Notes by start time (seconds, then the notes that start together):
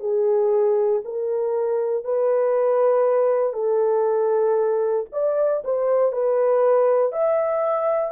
0.00 G#4
1.04 A#4
2.04 B4
3.53 A4
5.12 D5
5.64 C5
6.12 B4
7.12 E5